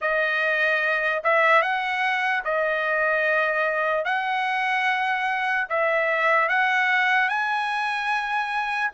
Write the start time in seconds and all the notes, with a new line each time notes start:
0.01 D#5
1.23 E5
1.62 F#5
2.44 D#5
4.05 F#5
5.69 E5
6.49 F#5
7.28 G#5